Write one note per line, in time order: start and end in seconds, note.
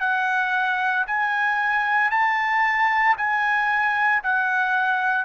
0.00 1.05 F#5
1.07 2.11 G#5
2.11 3.16 A5
3.17 4.22 G#5
4.23 5.24 F#5